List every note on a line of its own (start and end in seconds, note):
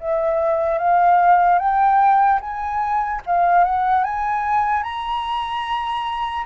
0.00 0.78 E5
0.78 1.58 F5
1.58 2.40 G5
2.41 3.22 G#5
3.27 3.64 F5
3.64 4.04 F#5
4.04 4.83 G#5
4.83 6.45 A#5